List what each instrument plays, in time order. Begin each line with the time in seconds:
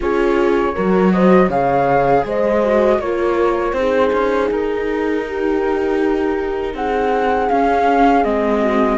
0.00 cello C#4, viola F4, horn G#4, flute C#5
0.74 cello F#3, viola F#4, horn A#4
1.11 horn C5, flute D#5
1.48 cello C#3, viola G#4, horn C#5, flute F5
2.24 cello G#3, horn C5, flute D#5
2.64 viola F#4
2.99 cello A#3, viola F4, horn A#4, flute C#5
3.72 cello C4, viola D#4, horn G#4, flute C5
4.12 cello C#4
4.50 cello D#4, flute A#4
5.27 horn G4
6.74 cello C4, horn G#4, flute F#5
7.49 viola C#4, cello C#4, flute F5
8.24 cello G#3, viola C4, flute D#5
8.60 horn F#4